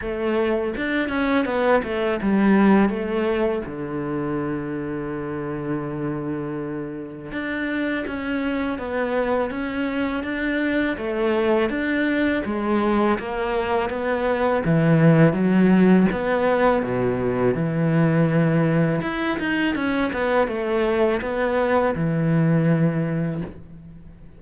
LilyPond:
\new Staff \with { instrumentName = "cello" } { \time 4/4 \tempo 4 = 82 a4 d'8 cis'8 b8 a8 g4 | a4 d2.~ | d2 d'4 cis'4 | b4 cis'4 d'4 a4 |
d'4 gis4 ais4 b4 | e4 fis4 b4 b,4 | e2 e'8 dis'8 cis'8 b8 | a4 b4 e2 | }